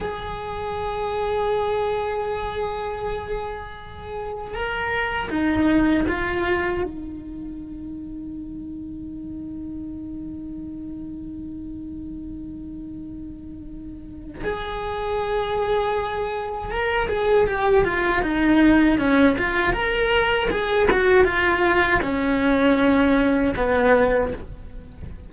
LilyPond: \new Staff \with { instrumentName = "cello" } { \time 4/4 \tempo 4 = 79 gis'1~ | gis'2 ais'4 dis'4 | f'4 dis'2.~ | dis'1~ |
dis'2. gis'4~ | gis'2 ais'8 gis'8 g'8 f'8 | dis'4 cis'8 f'8 ais'4 gis'8 fis'8 | f'4 cis'2 b4 | }